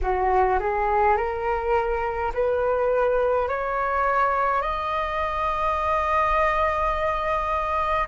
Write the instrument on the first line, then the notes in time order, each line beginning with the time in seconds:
flute
0.01 F#4
0.59 G#4
1.16 A#4
2.33 B4
3.48 C#5
4.61 D#5